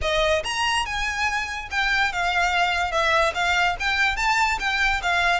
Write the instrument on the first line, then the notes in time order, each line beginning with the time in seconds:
violin
0.01 D#5
0.44 A#5
0.85 G#5
1.70 G5
2.12 F5
2.91 E5
3.34 F5
3.79 G5
4.16 A5
4.59 G5
5.02 F5